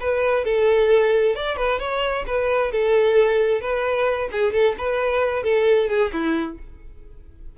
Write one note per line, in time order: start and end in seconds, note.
0.00 0.44 B4
0.44 1.35 A4
1.35 1.56 D5
1.56 1.79 B4
1.79 2.25 C#5
2.26 2.71 B4
2.71 3.61 A4
3.61 4.29 B4
4.31 4.52 G#4
4.52 4.75 A4
4.77 5.43 B4
5.43 5.88 A4
5.88 6.11 G#4
6.12 6.58 E4